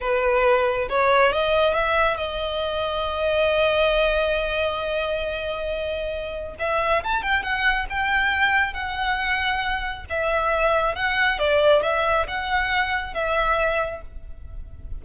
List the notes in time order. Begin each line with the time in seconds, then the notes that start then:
0.01 B4
0.89 C#5
1.32 D#5
1.74 E5
2.17 D#5
6.59 E5
7.03 A5
7.22 G5
7.42 F#5
7.89 G5
8.73 F#5
10.09 E5
10.95 F#5
11.38 D5
11.82 E5
12.27 F#5
13.13 E5